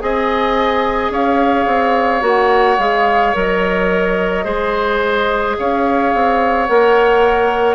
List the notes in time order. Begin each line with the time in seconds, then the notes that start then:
0.00 C4 G#4 D#5 G#5
1.10 C#4 C#5 F5
1.66 C4
2.21 A#3 F#4 F#5
2.78 G#3 G#4 F5
3.34 F#3 A#4 D#5
4.44 G#3 G#4 C5
5.58 C#4 C#5 F5
6.14 C4
6.66 A#3 A#4 F#5